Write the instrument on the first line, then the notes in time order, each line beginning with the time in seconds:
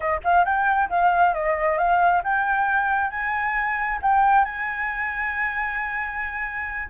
flute
0.00 D#5
0.24 F5
0.44 G5
0.89 F5
1.34 D#5
1.77 F5
2.23 G5
3.10 G#5
4.02 G5
4.44 G#5